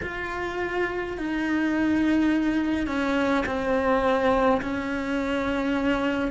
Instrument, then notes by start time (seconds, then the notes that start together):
cello
0.02 F4
1.17 D#4
2.86 C#4
3.46 C4
4.62 C#4